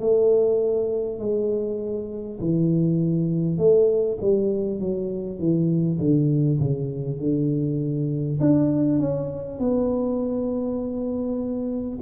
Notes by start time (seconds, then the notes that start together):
0.00 A3
1.19 G#3
2.41 E3
3.58 A3
4.21 G3
4.80 F#3
5.39 E3
5.99 D3
6.59 C#3
7.19 D3
8.40 D4
8.99 C#4
9.59 B3